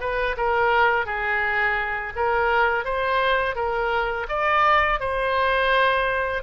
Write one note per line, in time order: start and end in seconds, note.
0.00 0.36 B4
0.37 1.06 A#4
1.06 2.13 G#4
2.16 2.84 A#4
2.84 3.55 C5
3.55 4.27 A#4
4.29 5.00 D5
5.00 6.42 C5